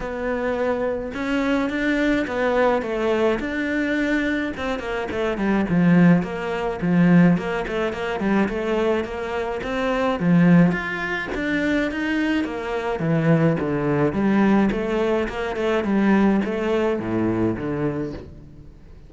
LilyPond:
\new Staff \with { instrumentName = "cello" } { \time 4/4 \tempo 4 = 106 b2 cis'4 d'4 | b4 a4 d'2 | c'8 ais8 a8 g8 f4 ais4 | f4 ais8 a8 ais8 g8 a4 |
ais4 c'4 f4 f'4 | d'4 dis'4 ais4 e4 | d4 g4 a4 ais8 a8 | g4 a4 a,4 d4 | }